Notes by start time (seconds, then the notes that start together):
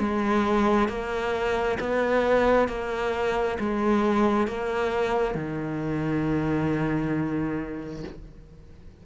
0.00 G#3
0.89 A#3
1.80 B3
2.69 A#3
3.60 G#3
4.48 A#3
5.35 D#3